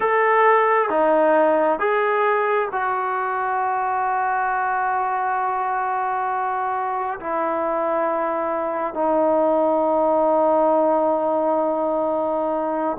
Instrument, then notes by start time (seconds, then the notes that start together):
trombone
0.00 A4
0.90 D#4
1.79 G#4
2.72 F#4
7.19 E4
8.93 D#4